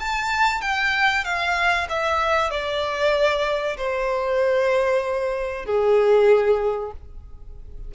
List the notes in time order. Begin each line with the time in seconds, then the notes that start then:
0.00 A5
0.62 G5
1.25 F5
1.89 E5
2.51 D5
3.78 C5
5.66 G#4